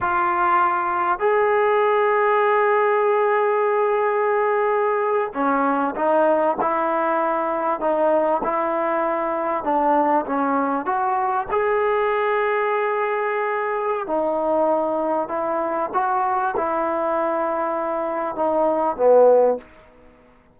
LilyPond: \new Staff \with { instrumentName = "trombone" } { \time 4/4 \tempo 4 = 98 f'2 gis'2~ | gis'1~ | gis'8. cis'4 dis'4 e'4~ e'16~ | e'8. dis'4 e'2 d'16~ |
d'8. cis'4 fis'4 gis'4~ gis'16~ | gis'2. dis'4~ | dis'4 e'4 fis'4 e'4~ | e'2 dis'4 b4 | }